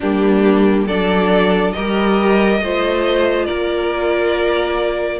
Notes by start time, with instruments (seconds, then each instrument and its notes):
0.00 cello G3, viola A#3, violin D4 G4
0.86 cello F#3, viola D4, violin A4 D5
1.72 cello G3, viola G4, violin A#4 D#5
2.60 cello A3, viola F4, violin C5
3.45 cello A#3, violin A#4 D5